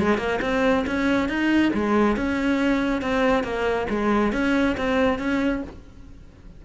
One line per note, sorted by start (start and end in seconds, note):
0.00 0.18 G#3
0.18 0.40 A#3
0.42 0.86 C4
0.87 1.29 C#4
1.29 1.73 D#4
1.74 2.17 G#3
2.17 3.02 C#4
3.02 3.44 C4
3.44 3.87 A#3
3.90 4.33 G#3
4.33 4.76 C#4
4.78 5.20 C4
5.20 5.63 C#4